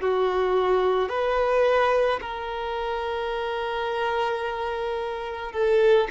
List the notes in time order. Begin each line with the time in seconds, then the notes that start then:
0.00 F#4
1.09 B4
2.21 A#4
5.52 A4